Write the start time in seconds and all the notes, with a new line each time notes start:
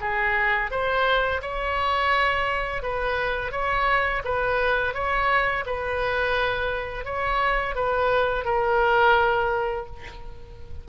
0.00 G#4
0.70 C5
1.41 C#5
2.82 B4
3.52 C#5
4.24 B4
4.93 C#5
5.66 B4
7.05 C#5
7.75 B4
8.44 A#4